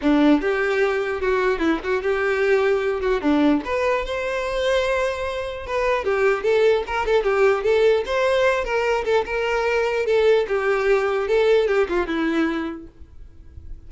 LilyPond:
\new Staff \with { instrumentName = "violin" } { \time 4/4 \tempo 4 = 149 d'4 g'2 fis'4 | e'8 fis'8 g'2~ g'8 fis'8 | d'4 b'4 c''2~ | c''2 b'4 g'4 |
a'4 ais'8 a'8 g'4 a'4 | c''4. ais'4 a'8 ais'4~ | ais'4 a'4 g'2 | a'4 g'8 f'8 e'2 | }